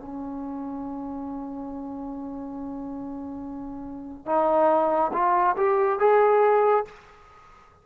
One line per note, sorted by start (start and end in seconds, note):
0.00 4.26 C#4
4.26 5.12 D#4
5.13 5.56 F4
5.57 6.00 G4
6.00 6.85 G#4